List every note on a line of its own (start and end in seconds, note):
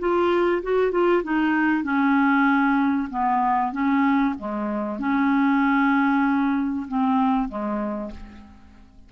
0.00 0.62 F4
0.63 0.92 F#4
0.92 1.23 F4
1.24 1.84 D#4
1.84 3.09 C#4
3.10 3.73 B3
3.73 4.35 C#4
4.39 4.99 G#3
4.99 6.87 C#4
6.88 7.49 C4
7.49 8.12 G#3